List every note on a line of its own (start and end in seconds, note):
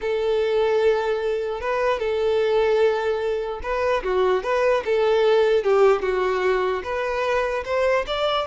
0.01 1.60 A4
1.60 1.99 B4
1.99 3.60 A4
3.62 4.03 B4
4.03 4.43 F#4
4.43 4.83 B4
4.85 5.63 A4
5.63 6.02 G4
6.02 6.82 F#4
6.83 7.64 B4
7.64 8.05 C5
8.06 8.47 D5